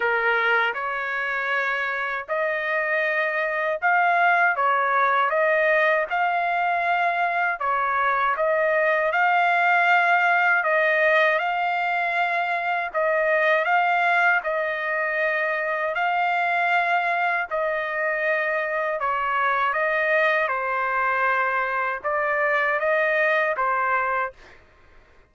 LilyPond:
\new Staff \with { instrumentName = "trumpet" } { \time 4/4 \tempo 4 = 79 ais'4 cis''2 dis''4~ | dis''4 f''4 cis''4 dis''4 | f''2 cis''4 dis''4 | f''2 dis''4 f''4~ |
f''4 dis''4 f''4 dis''4~ | dis''4 f''2 dis''4~ | dis''4 cis''4 dis''4 c''4~ | c''4 d''4 dis''4 c''4 | }